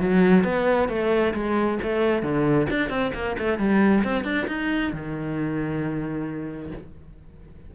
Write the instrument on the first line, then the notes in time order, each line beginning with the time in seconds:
cello
0.00 F#3
0.44 B3
0.89 A3
1.34 G#3
1.83 A3
2.23 D3
2.70 D4
2.90 C4
3.14 A#3
3.38 A3
3.59 G3
4.04 C4
4.24 D4
4.47 D#4
4.93 D#3